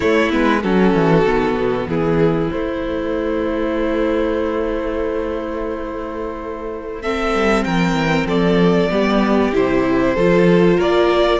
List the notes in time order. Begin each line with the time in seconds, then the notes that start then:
0.00 A3 E4 C#5
0.30 G#3 B3 B4
0.62 F#3 C#4 F#4 A4
0.94 E3
1.25 D#3 B3
1.55 B2
1.87 E3 E4 G#4
2.49 A3 C5
7.02 C4 A4 E5
7.33 G3
7.64 F3 A#4 G5
7.92 E3
8.25 F3 A4 D5
8.90 G3 B3 G4
9.52 C3 E4 C5
10.15 F3 F4 A4
10.76 A#3 A#4 D5